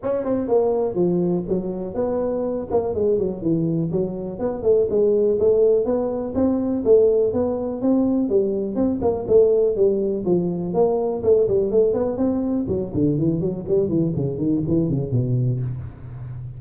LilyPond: \new Staff \with { instrumentName = "tuba" } { \time 4/4 \tempo 4 = 123 cis'8 c'8 ais4 f4 fis4 | b4. ais8 gis8 fis8 e4 | fis4 b8 a8 gis4 a4 | b4 c'4 a4 b4 |
c'4 g4 c'8 ais8 a4 | g4 f4 ais4 a8 g8 | a8 b8 c'4 fis8 d8 e8 fis8 | g8 e8 cis8 dis8 e8 cis8 b,4 | }